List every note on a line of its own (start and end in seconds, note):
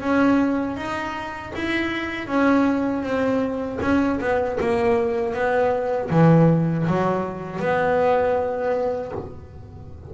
0.00 0.76 C#4
0.76 1.52 D#4
1.55 2.27 E4
2.27 3.02 C#4
3.02 3.78 C4
3.81 4.19 C#4
4.20 4.58 B3
4.60 5.34 A#3
5.34 6.10 B3
6.10 6.86 E3
6.87 7.59 F#3
7.59 9.11 B3